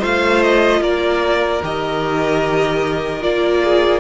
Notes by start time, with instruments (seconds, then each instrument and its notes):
0.00 cello A3, viola F4, violin C5 F5
0.43 violin D#5
0.81 cello A#3, violin A#4 D5
1.63 cello D#3, viola G4, violin D#5
3.21 cello A#3, viola F4, violin D5
3.64 violin G#4